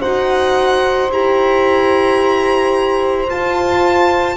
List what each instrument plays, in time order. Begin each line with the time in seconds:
0.00 double bass D#4, horn F#4, saxophone C5, violin F#5
1.10 double bass E4, horn G4, violin A#5
3.29 double bass F4, horn F4, violin A5